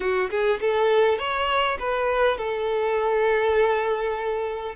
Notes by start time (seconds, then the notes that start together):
0.00 F#4
0.30 G#4
0.60 A4
1.18 C#5
1.79 B4
2.37 A4